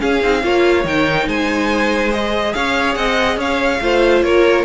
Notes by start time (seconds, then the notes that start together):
0.00 C#4 G#4 F5
0.23 C4 D#4
0.43 A#3 F4 C#5
0.85 D#3 D#4 G5
1.27 G#3 C5 G#5
2.11 G#4 D#5
2.54 C#4 C#5 F5
2.95 C4 D#5 F#5
3.37 C#4 C#5 F5
3.81 A3 F4 C5
4.22 A#3 A#4 C#5